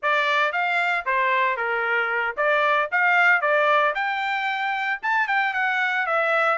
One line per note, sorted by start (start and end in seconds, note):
0.02 0.52 D5
0.52 1.05 F5
1.05 1.56 C5
1.56 2.35 A#4
2.37 2.89 D5
2.91 3.41 F5
3.41 3.94 D5
3.94 5.00 G5
5.02 5.27 A5
5.27 5.53 G5
5.53 6.06 F#5
6.06 6.58 E5